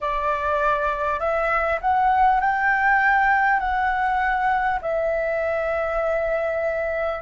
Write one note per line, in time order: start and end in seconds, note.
0.00 1.19 D5
1.19 1.79 E5
1.81 2.40 F#5
2.40 3.59 G5
3.59 4.79 F#5
4.81 7.21 E5